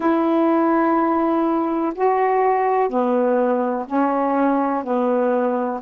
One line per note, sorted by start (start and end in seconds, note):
0.00 1.93 E4
1.94 2.89 F#4
2.89 3.85 B3
3.87 4.83 C#4
4.83 5.80 B3